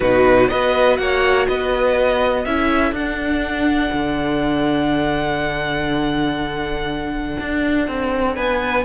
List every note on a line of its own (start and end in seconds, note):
0.00 0.50 B2
0.00 0.48 D#4
0.00 0.48 F#4
0.00 0.48 B4
0.48 0.98 B3
0.48 2.45 F#4
0.48 0.99 B4
0.48 0.96 D#5
0.96 1.47 A#3
0.96 1.48 C#5
0.96 1.46 F#5
1.48 2.45 B3
1.48 2.45 B4
1.48 2.45 D#5
2.45 2.91 C#4
2.45 2.95 E4
2.45 8.35 A4
2.45 2.94 E5
2.91 3.90 D4
2.91 8.35 F#5
2.98 8.85 D4
3.92 7.36 D3
7.40 7.87 D4
7.87 8.36 C4
8.35 8.85 B3
8.35 8.84 B4
8.35 8.84 G#5